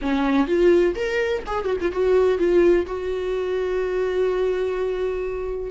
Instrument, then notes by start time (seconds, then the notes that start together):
viola
0.01 C#4
0.47 F4
0.95 A#4
1.46 G#4
1.65 F#4
1.81 F4
1.92 F#4
2.38 F4
2.86 F#4